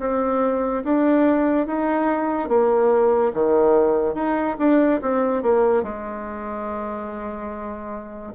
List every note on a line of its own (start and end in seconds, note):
0.00 0.83 C4
0.84 1.67 D4
1.67 2.48 D#4
2.48 3.32 A#3
3.33 4.14 D#3
4.14 4.56 D#4
4.58 5.00 D4
5.02 5.42 C4
5.42 5.83 A#3
5.83 8.33 G#3